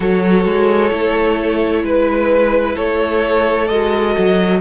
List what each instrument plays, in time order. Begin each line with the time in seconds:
0.00 cello F#3, viola F#4, violin A4 C#5
0.45 cello G#3
0.91 cello A3, viola E4
1.83 cello G#3, violin B4
2.75 cello A3, violin A4 C#5
3.67 cello G#3, viola F#4, violin D#5
4.18 cello F#3